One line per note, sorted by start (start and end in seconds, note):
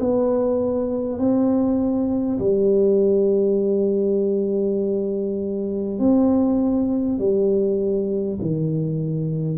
0.00 1.18 B3
1.18 2.38 C4
2.39 5.99 G3
5.99 7.18 C4
7.18 8.38 G3
8.41 9.58 D#3